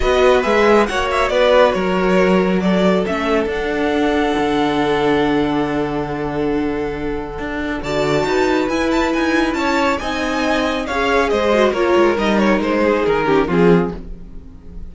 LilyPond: <<
  \new Staff \with { instrumentName = "violin" } { \time 4/4 \tempo 4 = 138 dis''4 e''4 fis''8 e''8 d''4 | cis''2 d''4 e''4 | fis''1~ | fis''1~ |
fis''2 a''2 | gis''8 a''8 gis''4 a''4 gis''4~ | gis''4 f''4 dis''4 cis''4 | dis''8 cis''8 c''4 ais'4 gis'4 | }
  \new Staff \with { instrumentName = "violin" } { \time 4/4 b'2 cis''4 b'4 | ais'2 a'2~ | a'1~ | a'1~ |
a'2 d''4 b'4~ | b'2 cis''4 dis''4~ | dis''4 cis''4 c''4 ais'4~ | ais'4. gis'4 g'8 f'4 | }
  \new Staff \with { instrumentName = "viola" } { \time 4/4 fis'4 gis'4 fis'2~ | fis'2. cis'4 | d'1~ | d'1~ |
d'4. a'8 fis'2 | e'2. dis'4~ | dis'4 gis'4. fis'8 f'4 | dis'2~ dis'8 cis'8 c'4 | }
  \new Staff \with { instrumentName = "cello" } { \time 4/4 b4 gis4 ais4 b4 | fis2. a4 | d'2 d2~ | d1~ |
d4 d'4 d4 dis'4 | e'4 dis'4 cis'4 c'4~ | c'4 cis'4 gis4 ais8 gis8 | g4 gis4 dis4 f4 | }
>>